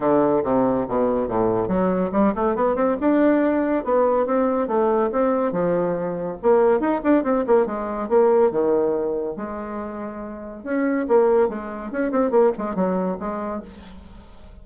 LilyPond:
\new Staff \with { instrumentName = "bassoon" } { \time 4/4 \tempo 4 = 141 d4 c4 b,4 a,4 | fis4 g8 a8 b8 c'8 d'4~ | d'4 b4 c'4 a4 | c'4 f2 ais4 |
dis'8 d'8 c'8 ais8 gis4 ais4 | dis2 gis2~ | gis4 cis'4 ais4 gis4 | cis'8 c'8 ais8 gis8 fis4 gis4 | }